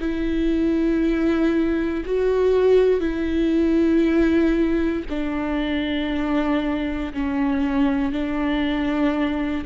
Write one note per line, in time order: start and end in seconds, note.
0.00 2.03 E4
2.05 3.00 F#4
3.00 5.03 E4
5.09 7.13 D4
7.13 8.12 C#4
8.12 9.64 D4